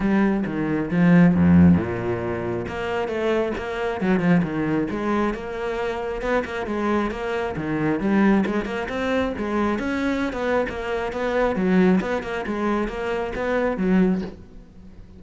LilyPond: \new Staff \with { instrumentName = "cello" } { \time 4/4 \tempo 4 = 135 g4 dis4 f4 f,4 | ais,2 ais4 a4 | ais4 fis8 f8 dis4 gis4 | ais2 b8 ais8 gis4 |
ais4 dis4 g4 gis8 ais8 | c'4 gis4 cis'4~ cis'16 b8. | ais4 b4 fis4 b8 ais8 | gis4 ais4 b4 fis4 | }